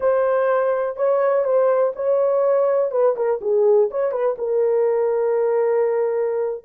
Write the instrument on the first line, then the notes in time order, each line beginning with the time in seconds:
horn
0.00 C5
0.96 C#5
1.44 C5
1.95 C#5
2.91 B4
3.15 A#4
3.41 G#4
3.90 C#5
4.11 B4
4.38 A#4